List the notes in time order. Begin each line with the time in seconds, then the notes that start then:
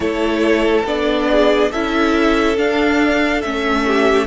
0.00 A3 E4 A4 C#5
0.84 B3 D4 D5
1.31 G#4
1.71 C#4 E4 A4 E5
2.57 D4 F5
3.41 A3 C#4 E5
3.86 G4